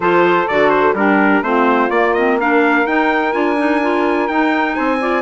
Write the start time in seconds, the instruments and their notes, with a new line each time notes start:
0.00 bassoon F3, clarinet F4, saxophone A4, trumpet C5
0.48 bassoon D3, clarinet F#4, trumpet D5
0.69 trumpet C5
0.93 bassoon G3, clarinet D4, saxophone G4, trumpet A#4
1.41 bassoon A3, clarinet C4, saxophone F4, trumpet C5
1.89 bassoon A#3, clarinet A#3, trumpet D5
2.13 clarinet C4, trumpet D#5
2.38 clarinet D4, saxophone A#4, trumpet F5
2.86 bassoon D#4, clarinet D#4, trumpet G5
3.32 bassoon D4, clarinet F4, trumpet G#5
3.57 clarinet D#4
3.82 clarinet F4
4.27 bassoon D#4, clarinet D#4, trumpet G5
4.74 bassoon C4, saxophone C5, trumpet G#5
5.00 clarinet F4, saxophone D5